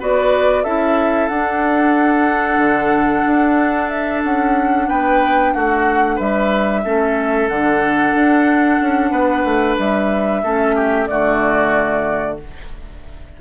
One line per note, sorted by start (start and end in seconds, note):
0.00 0.65 B3
0.00 0.65 F#4
0.00 0.64 B4
0.00 0.64 D5
0.64 1.29 C#4
0.64 1.31 E4
0.64 4.88 A4
0.64 1.29 E5
1.29 2.58 D4
1.29 6.85 D4
1.29 3.89 F#5
2.58 3.23 D3
3.26 4.24 D4
3.90 4.22 E5
4.24 4.90 C#4
4.24 4.89 F#5
4.89 5.55 B3
4.89 5.54 B4
4.89 5.54 G5
5.54 6.20 A3
5.54 6.16 F#4
5.54 6.19 F#5
6.16 6.85 G3
6.16 6.81 B4
6.16 7.48 E5
6.85 7.49 A3
6.85 7.50 C#4
6.85 9.11 A4
7.48 8.14 D3
7.48 10.44 D4
7.48 9.77 F#5
8.14 8.80 D4
8.81 9.11 C#4
9.11 9.44 B3
9.11 10.42 B4
9.44 9.77 A3
9.79 10.44 G3
9.79 11.07 E5
10.43 11.09 A3
10.43 11.08 C#4
10.43 10.76 A4
10.76 11.08 G4
11.07 12.41 D3
11.07 12.38 A3
11.07 12.41 F#4
11.07 12.37 D5